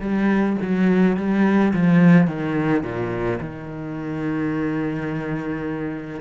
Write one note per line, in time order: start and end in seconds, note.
0.00 0.56 G3
0.61 1.17 F#3
1.17 1.73 G3
1.73 2.27 F3
2.27 2.83 D#3
2.83 3.39 A#2
3.40 6.21 D#3